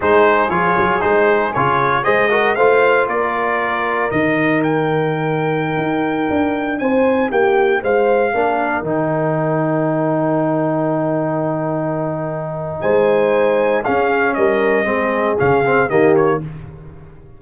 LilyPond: <<
  \new Staff \with { instrumentName = "trumpet" } { \time 4/4 \tempo 4 = 117 c''4 cis''4 c''4 cis''4 | dis''4 f''4 d''2 | dis''4 g''2.~ | g''4~ g''16 gis''4 g''4 f''8.~ |
f''4~ f''16 g''2~ g''8.~ | g''1~ | g''4 gis''2 f''4 | dis''2 f''4 dis''8 cis''8 | }
  \new Staff \with { instrumentName = "horn" } { \time 4/4 gis'1 | c''8 ais'8 c''4 ais'2~ | ais'1~ | ais'4~ ais'16 c''4 g'4 c''8.~ |
c''16 ais'2.~ ais'8.~ | ais'1~ | ais'4 c''2 gis'4 | ais'4 gis'2 g'4 | }
  \new Staff \with { instrumentName = "trombone" } { \time 4/4 dis'4 f'4 dis'4 f'4 | gis'8 fis'8 f'2. | dis'1~ | dis'1~ |
dis'16 d'4 dis'2~ dis'8.~ | dis'1~ | dis'2. cis'4~ | cis'4 c'4 cis'8 c'8 ais4 | }
  \new Staff \with { instrumentName = "tuba" } { \time 4/4 gis4 f8 fis8 gis4 cis4 | gis4 a4 ais2 | dis2.~ dis16 dis'8.~ | dis'16 d'4 c'4 ais4 gis8.~ |
gis16 ais4 dis2~ dis8.~ | dis1~ | dis4 gis2 cis'4 | g4 gis4 cis4 dis4 | }
>>